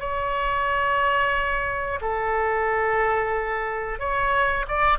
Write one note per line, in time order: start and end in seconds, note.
0.00 2.00 C#5
2.02 3.99 A4
3.99 4.66 C#5
4.68 4.99 D5